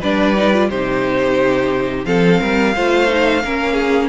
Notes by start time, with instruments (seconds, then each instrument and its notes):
0.00 cello G3, viola D4, violin B4 D5
0.36 viola D#4
0.54 viola F4
0.69 cello C3, viola D#4, violin G4 C5
2.05 cello F3, viola C4, violin A4 F5
2.40 cello G3, violin A#4
2.75 cello A3, viola F4, violin C5
3.08 viola D#4
3.44 cello A#3, viola C#4, violin A#4
3.73 violin G#4